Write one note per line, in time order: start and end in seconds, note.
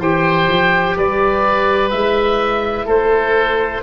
0.00 0.48 E3
0.00 1.92 G4
0.00 0.96 C5
0.00 0.98 G5
0.48 0.96 F3
0.97 1.92 G3
0.97 2.86 B4
0.97 1.90 D5
1.90 2.87 G#3
1.90 3.83 E4
1.90 2.86 E5
2.86 3.82 A3
2.86 3.81 A4
2.86 3.83 C5